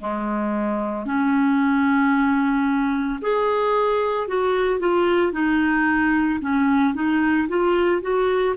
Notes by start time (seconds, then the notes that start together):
0.00 G#3
1.06 C#4
3.22 G#4
4.28 F#4
4.80 F4
5.33 D#4
6.41 C#4
6.95 D#4
7.49 F4
8.02 F#4